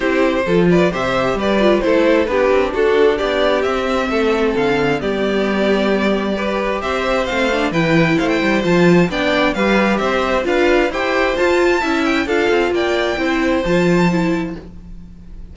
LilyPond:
<<
  \new Staff \with { instrumentName = "violin" } { \time 4/4 \tempo 4 = 132 c''4. d''8 e''4 d''4 | c''4 b'4 a'4 d''4 | e''2 f''4 d''4~ | d''2. e''4 |
f''4 g''4 f''16 g''8. a''4 | g''4 f''4 e''4 f''4 | g''4 a''4. g''8 f''4 | g''2 a''2 | }
  \new Staff \with { instrumentName = "violin" } { \time 4/4 g'4 a'8 b'8 c''4 b'4 | a'4 g'4 fis'4 g'4~ | g'4 a'2 g'4~ | g'2 b'4 c''4~ |
c''4 b'4 c''2 | d''4 b'4 c''4 b'4 | c''2 e''4 a'4 | d''4 c''2. | }
  \new Staff \with { instrumentName = "viola" } { \time 4/4 e'4 f'4 g'4. f'8 | e'4 d'2. | c'2. b4~ | b2 g'2 |
c'8 d'8 e'2 f'4 | d'4 g'2 f'4 | g'4 f'4 e'4 f'4~ | f'4 e'4 f'4 e'4 | }
  \new Staff \with { instrumentName = "cello" } { \time 4/4 c'4 f4 c4 g4 | a4 b8 c'8 d'4 b4 | c'4 a4 d4 g4~ | g2. c'4 |
a4 e4 a8 g8 f4 | b4 g4 c'4 d'4 | e'4 f'4 cis'4 d'8 c'8 | ais4 c'4 f2 | }
>>